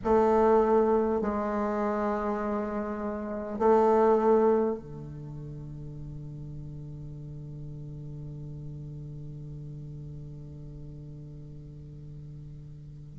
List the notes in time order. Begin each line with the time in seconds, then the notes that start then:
0.04 A3
1.21 G#3
3.58 A3
4.78 D3